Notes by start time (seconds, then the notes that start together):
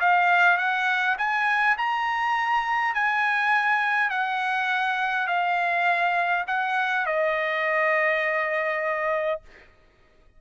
0.00 F5
0.57 F#5
1.18 G#5
1.78 A#5
2.94 G#5
4.10 F#5
5.27 F5
6.47 F#5
7.06 D#5